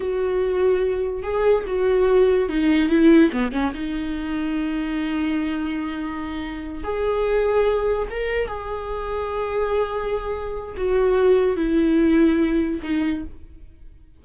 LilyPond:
\new Staff \with { instrumentName = "viola" } { \time 4/4 \tempo 4 = 145 fis'2. gis'4 | fis'2 dis'4 e'4 | b8 cis'8 dis'2.~ | dis'1~ |
dis'8 gis'2. ais'8~ | ais'8 gis'2.~ gis'8~ | gis'2 fis'2 | e'2. dis'4 | }